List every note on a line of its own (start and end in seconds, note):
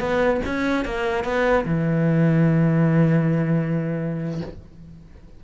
0.00 0.41 B3
0.46 0.85 C#4
0.85 1.25 A#3
1.25 1.65 B3
1.66 4.41 E3